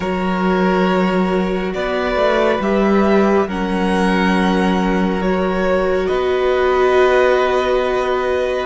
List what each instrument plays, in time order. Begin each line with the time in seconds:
0.00 cello F#3, viola F#4, violin A#4 C#5
1.73 cello B3, violin B4 D5
2.15 cello A3
2.60 cello G3, viola G4, violin E5
3.47 cello F#3, viola C#4, violin A#4 F#5
5.20 viola F#4, violin C#5
6.07 cello B3, violin B4 D#5